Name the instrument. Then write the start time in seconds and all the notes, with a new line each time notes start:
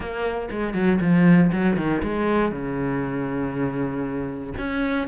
cello
0.00 A#3
0.50 G#3
0.74 F#3
1.01 F3
1.52 F#3
1.76 D#3
2.02 G#3
2.51 C#3
4.58 C#4